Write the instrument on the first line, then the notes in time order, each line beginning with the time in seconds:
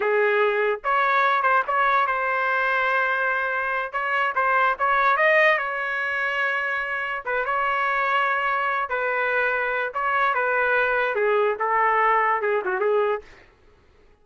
trumpet
0.00 G#4
0.84 C#5
1.42 C5
1.67 C#5
2.07 C5
3.92 C#5
4.35 C5
4.78 C#5
5.16 D#5
5.58 C#5
7.25 B4
7.45 C#5
8.89 B4
9.93 C#5
10.34 B4
11.15 G#4
11.59 A4
12.41 G#4
12.65 F#4
12.80 G#4